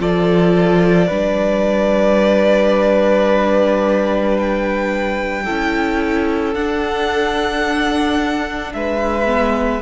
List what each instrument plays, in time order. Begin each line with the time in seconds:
0.00 cello F3, viola F4, violin A4 D5
1.07 cello G3, viola D4, violin B4
4.39 violin G5
5.45 cello C#4, viola E4, violin A4
6.55 cello D4, viola D4, violin F#5
8.73 cello G#3, violin B4 E5
9.26 viola B3